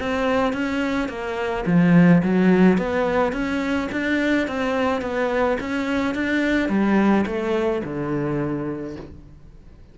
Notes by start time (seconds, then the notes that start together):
0.00 C4
0.53 C#4
1.09 A#3
1.66 F3
2.24 F#3
2.78 B3
3.33 C#4
3.92 D4
4.47 C4
5.02 B3
5.60 C#4
6.15 D4
6.69 G3
7.26 A3
7.84 D3